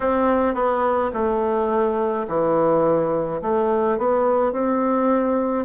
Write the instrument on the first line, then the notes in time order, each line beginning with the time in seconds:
bassoon
0.00 C4
0.54 B3
1.13 A3
2.27 E3
3.41 A3
3.97 B3
4.52 C4